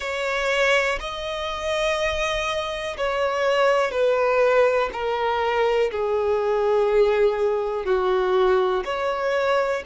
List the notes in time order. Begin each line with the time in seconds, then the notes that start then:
0.00 C#5
1.00 D#5
2.97 C#5
3.91 B4
4.92 A#4
5.91 G#4
7.85 F#4
8.84 C#5